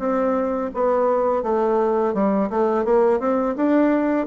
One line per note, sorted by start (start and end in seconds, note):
0.00 0.71 C4
0.74 1.43 B3
1.43 2.14 A3
2.14 2.50 G3
2.51 2.85 A3
2.85 3.20 A#3
3.20 3.56 C4
3.57 4.28 D4